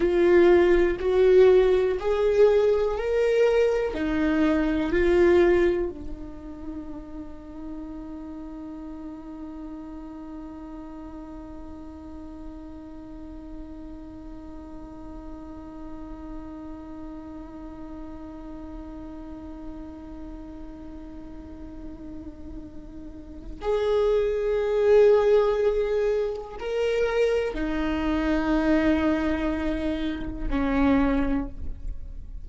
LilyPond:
\new Staff \with { instrumentName = "viola" } { \time 4/4 \tempo 4 = 61 f'4 fis'4 gis'4 ais'4 | dis'4 f'4 dis'2~ | dis'1~ | dis'1~ |
dis'1~ | dis'1 | gis'2. ais'4 | dis'2. cis'4 | }